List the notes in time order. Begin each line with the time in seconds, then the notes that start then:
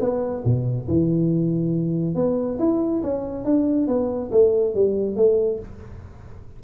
0.00 B3
0.44 B2
0.88 E3
2.15 B3
2.59 E4
3.03 C#4
3.44 D4
3.87 B3
4.31 A3
4.74 G3
5.16 A3